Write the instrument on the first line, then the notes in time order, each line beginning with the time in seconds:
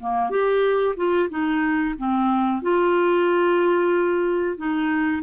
clarinet
0.00 A#3
0.31 G4
0.97 F4
1.30 D#4
1.98 C4
2.62 F4
4.58 D#4